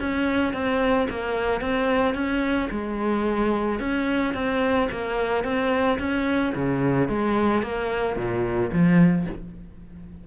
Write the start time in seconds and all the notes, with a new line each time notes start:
0.00 C#4
0.54 C4
1.10 A#3
1.61 C4
2.15 C#4
2.71 G#3
3.80 C#4
4.35 C4
4.91 A#3
5.44 C4
5.99 C#4
6.55 C#3
7.09 G#3
7.63 A#3
8.17 A#2
8.72 F3